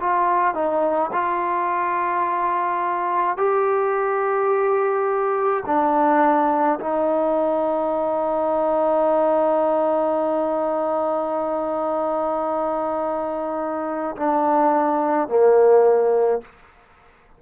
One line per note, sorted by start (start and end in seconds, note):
0.00 0.54 F4
0.54 1.11 D#4
1.12 3.37 F4
3.37 5.63 G4
5.66 6.79 D4
6.80 14.16 D#4
14.17 15.28 D4
15.28 16.42 A#3